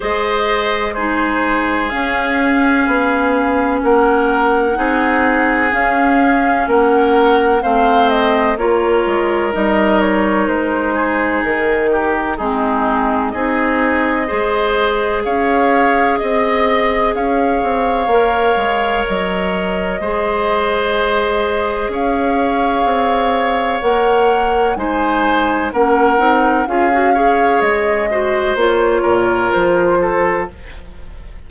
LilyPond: <<
  \new Staff \with { instrumentName = "flute" } { \time 4/4 \tempo 4 = 63 dis''4 c''4 f''2 | fis''2 f''4 fis''4 | f''8 dis''8 cis''4 dis''8 cis''8 c''4 | ais'4 gis'4 dis''2 |
f''4 dis''4 f''2 | dis''2. f''4~ | f''4 fis''4 gis''4 fis''4 | f''4 dis''4 cis''4 c''4 | }
  \new Staff \with { instrumentName = "oboe" } { \time 4/4 c''4 gis'2. | ais'4 gis'2 ais'4 | c''4 ais'2~ ais'8 gis'8~ | gis'8 g'8 dis'4 gis'4 c''4 |
cis''4 dis''4 cis''2~ | cis''4 c''2 cis''4~ | cis''2 c''4 ais'4 | gis'8 cis''4 c''4 ais'4 a'8 | }
  \new Staff \with { instrumentName = "clarinet" } { \time 4/4 gis'4 dis'4 cis'2~ | cis'4 dis'4 cis'2 | c'4 f'4 dis'2~ | dis'4 c'4 dis'4 gis'4~ |
gis'2. ais'4~ | ais'4 gis'2.~ | gis'4 ais'4 dis'4 cis'8 dis'8 | f'16 fis'16 gis'4 fis'8 f'2 | }
  \new Staff \with { instrumentName = "bassoon" } { \time 4/4 gis2 cis'4 b4 | ais4 c'4 cis'4 ais4 | a4 ais8 gis8 g4 gis4 | dis4 gis4 c'4 gis4 |
cis'4 c'4 cis'8 c'8 ais8 gis8 | fis4 gis2 cis'4 | c'4 ais4 gis4 ais8 c'8 | cis'4 gis4 ais8 ais,8 f4 | }
>>